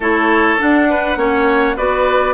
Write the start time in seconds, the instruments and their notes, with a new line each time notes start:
0.00 bassoon A3, clarinet E4, oboe A4, flute C#5
0.58 clarinet D4, bassoon D4, flute F#5
0.90 oboe B4
1.16 bassoon A#3, clarinet C#4, oboe C#5
1.76 bassoon B3, clarinet F#4, oboe B4, flute D5